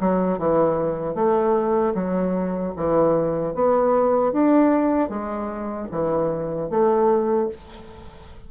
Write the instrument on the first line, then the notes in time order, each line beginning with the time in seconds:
bassoon
0.00 F#3
0.38 E3
1.15 A3
1.94 F#3
2.76 E3
3.54 B3
4.32 D4
5.09 G#3
5.91 E3
6.70 A3